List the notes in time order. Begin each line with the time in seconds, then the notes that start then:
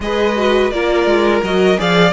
0.00 G#3 G#4 B4 D#5
0.36 F#4
0.70 A#3 F4 A#4 D5
1.06 G#3
1.42 F#3 F#4 D#5
1.77 F3 G#4 D5 F5